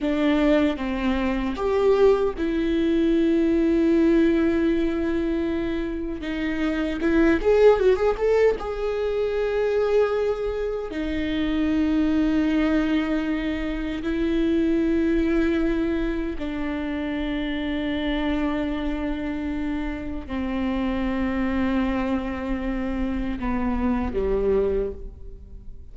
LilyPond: \new Staff \with { instrumentName = "viola" } { \time 4/4 \tempo 4 = 77 d'4 c'4 g'4 e'4~ | e'1 | dis'4 e'8 gis'8 fis'16 gis'16 a'8 gis'4~ | gis'2 dis'2~ |
dis'2 e'2~ | e'4 d'2.~ | d'2 c'2~ | c'2 b4 g4 | }